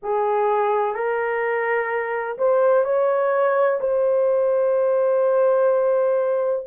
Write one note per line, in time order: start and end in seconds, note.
0.02 0.94 G#4
0.94 2.37 A#4
2.38 2.84 C5
2.84 3.79 C#5
3.80 6.66 C5